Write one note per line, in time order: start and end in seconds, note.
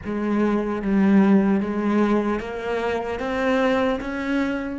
0.04 0.82 G#3
0.82 1.60 G3
1.60 2.40 G#3
2.40 3.19 A#3
3.19 3.99 C4
4.00 4.79 C#4